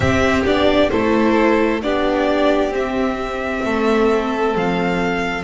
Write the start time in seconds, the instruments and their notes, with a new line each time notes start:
0.00 double bass C4, viola C4, violin G4 E5
0.45 double bass B3, viola D4, violin D5
0.89 double bass A3, viola E4, violin A4 C5
1.81 double bass B3, viola D4, violin G4 D5
2.69 double bass C4, viola C4, violin E5
3.64 double bass A3, violin A4
4.55 double bass F3, violin F5